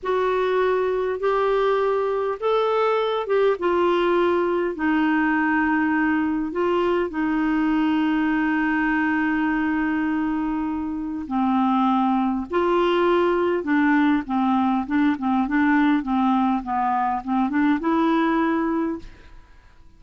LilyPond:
\new Staff \with { instrumentName = "clarinet" } { \time 4/4 \tempo 4 = 101 fis'2 g'2 | a'4. g'8 f'2 | dis'2. f'4 | dis'1~ |
dis'2. c'4~ | c'4 f'2 d'4 | c'4 d'8 c'8 d'4 c'4 | b4 c'8 d'8 e'2 | }